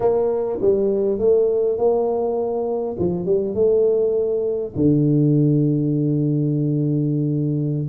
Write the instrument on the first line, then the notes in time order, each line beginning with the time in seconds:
tuba
0.00 A#3
0.61 G3
1.19 A3
1.78 A#3
2.99 F3
3.25 G3
3.54 A3
4.75 D3